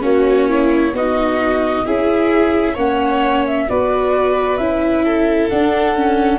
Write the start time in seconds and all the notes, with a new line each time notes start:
0.00 A#3 C#4 F#4 C#5
0.48 E4
0.92 B3 D#4 F#4 D#5
1.85 C#4 E4 G#4 E5
2.73 A#3 C#4 C#5 F#5
3.46 E5
3.69 B3 F#4 B4 D5
4.57 C#4 E4 E5
5.04 A4
5.48 D4 F#5
5.95 C#4